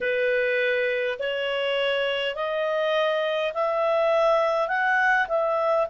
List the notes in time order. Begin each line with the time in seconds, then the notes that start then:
0.01 B4
1.19 C#5
2.35 D#5
3.53 E5
4.67 F#5
5.27 E5